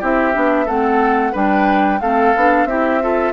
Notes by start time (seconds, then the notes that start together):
0.00 C4 E4 G4 E5
0.33 B3 D4
0.66 A3 C4 A4 F#5
1.32 G3 D4 B4 G5
2.01 A3 C4 A4 F5
2.36 B3 D4
2.65 C4 E4 G4 E5
3.01 F4 A4